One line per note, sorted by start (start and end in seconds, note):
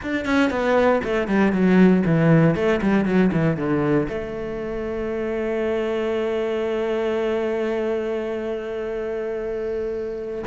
0.02 0.25 D4
0.25 0.50 C#4
0.50 1.01 B3
1.04 1.27 A3
1.27 1.52 G3
1.52 2.03 F#3
2.05 2.55 E3
2.55 2.80 A3
2.81 3.05 G3
3.05 3.31 F#3
3.32 3.56 E3
3.56 4.07 D3
4.08 10.44 A3